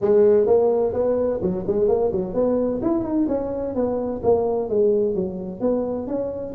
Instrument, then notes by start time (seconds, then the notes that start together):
tuba
0.01 G#3
0.46 A#3
0.93 B3
1.41 F#3
1.67 G#3
1.87 A#3
2.11 F#3
2.34 B3
2.82 E4
3.03 D#4
3.27 C#4
3.74 B3
4.23 A#3
4.69 G#3
5.14 F#3
5.60 B3
6.07 C#4